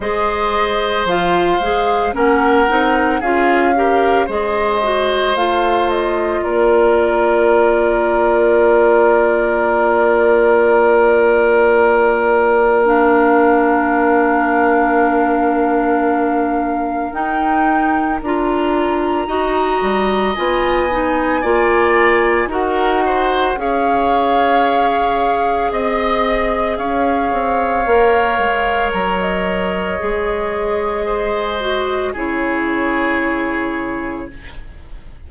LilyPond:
<<
  \new Staff \with { instrumentName = "flute" } { \time 4/4 \tempo 4 = 56 dis''4 f''4 fis''4 f''4 | dis''4 f''8 dis''8 d''2~ | d''1 | f''1 |
g''4 ais''2 gis''4~ | gis''4 fis''4 f''2 | dis''4 f''2 ais''16 dis''8.~ | dis''2 cis''2 | }
  \new Staff \with { instrumentName = "oboe" } { \time 4/4 c''2 ais'4 gis'8 ais'8 | c''2 ais'2~ | ais'1~ | ais'1~ |
ais'2 dis''2 | d''4 ais'8 c''8 cis''2 | dis''4 cis''2.~ | cis''4 c''4 gis'2 | }
  \new Staff \with { instrumentName = "clarinet" } { \time 4/4 gis'4 f'8 gis'8 cis'8 dis'8 f'8 g'8 | gis'8 fis'8 f'2.~ | f'1 | d'1 |
dis'4 f'4 fis'4 f'8 dis'8 | f'4 fis'4 gis'2~ | gis'2 ais'2 | gis'4. fis'8 e'2 | }
  \new Staff \with { instrumentName = "bassoon" } { \time 4/4 gis4 f8 gis8 ais8 c'8 cis'4 | gis4 a4 ais2~ | ais1~ | ais1 |
dis'4 d'4 dis'8 g8 b4 | ais4 dis'4 cis'2 | c'4 cis'8 c'8 ais8 gis8 fis4 | gis2 cis2 | }
>>